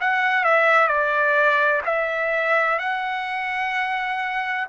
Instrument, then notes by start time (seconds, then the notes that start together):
trumpet
0.00 F#5
0.44 E5
0.88 D5
1.85 E5
2.79 F#5